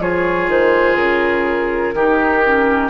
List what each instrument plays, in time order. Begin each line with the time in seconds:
0.00 bassoon F3, clarinet F4, oboe G#4, flute C#5
0.48 bassoon D#3, flute C5
0.96 bassoon C#3, flute A#4
1.94 bassoon D#3, clarinet D#4, oboe G4
2.45 clarinet C#4